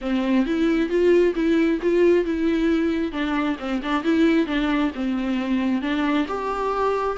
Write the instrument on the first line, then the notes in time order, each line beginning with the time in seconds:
viola
0.01 C4
0.45 E4
0.89 F4
1.35 E4
1.82 F4
2.24 E4
3.12 D4
3.59 C4
3.82 D4
4.03 E4
4.46 D4
4.94 C4
5.81 D4
6.28 G4